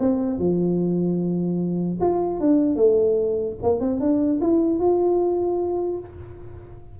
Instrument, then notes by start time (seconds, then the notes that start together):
tuba
0.00 C4
0.39 F3
2.01 F4
2.40 D4
2.76 A3
3.63 A#3
3.80 C4
4.00 D4
4.41 E4
4.80 F4